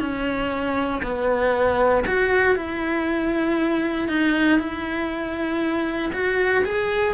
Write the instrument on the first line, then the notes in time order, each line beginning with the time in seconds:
cello
0.00 C#4
1.03 B3
2.07 F#4
2.56 E4
4.09 D#4
4.59 E4
6.13 F#4
6.65 G#4